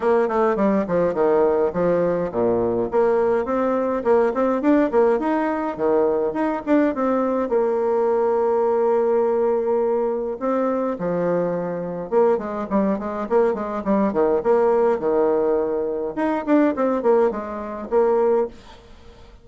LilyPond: \new Staff \with { instrumentName = "bassoon" } { \time 4/4 \tempo 4 = 104 ais8 a8 g8 f8 dis4 f4 | ais,4 ais4 c'4 ais8 c'8 | d'8 ais8 dis'4 dis4 dis'8 d'8 | c'4 ais2.~ |
ais2 c'4 f4~ | f4 ais8 gis8 g8 gis8 ais8 gis8 | g8 dis8 ais4 dis2 | dis'8 d'8 c'8 ais8 gis4 ais4 | }